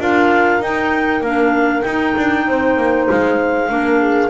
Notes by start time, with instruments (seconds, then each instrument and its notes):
0.00 double bass D4, clarinet F4 F5, horn A#4
0.60 double bass D#4, clarinet D#4 G5
1.21 double bass A#3, clarinet D4 F5
1.82 clarinet D#4 G5, double bass D#4
2.17 double bass D4
2.48 double bass C4, horn C5
2.78 double bass A#3
3.10 double bass G#3, clarinet F5
3.69 double bass A#3, clarinet D4, horn A#4
4.00 horn G#4